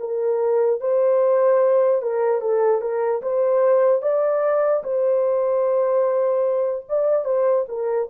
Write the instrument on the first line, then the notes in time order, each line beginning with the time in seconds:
horn
0.00 A#4
0.81 C5
2.02 A#4
2.41 A4
2.81 A#4
3.22 C5
4.02 D5
4.84 C5
6.89 D5
7.25 C5
7.68 A#4